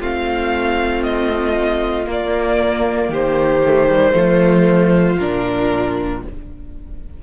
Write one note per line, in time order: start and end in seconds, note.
0.00 2.06 A3
0.00 2.05 C4
0.00 3.10 F4
0.00 1.03 F5
1.03 2.07 D#5
2.05 3.60 A#3
2.05 3.09 A#3
2.11 3.14 D5
3.09 4.12 D#3
3.09 4.14 G4
3.09 5.19 C5
3.65 3.89 A3
3.89 4.13 G3
4.13 5.18 F3
4.13 5.16 A3
4.13 6.23 F4
5.19 6.23 A#2
5.19 6.23 D4
5.19 6.22 A#4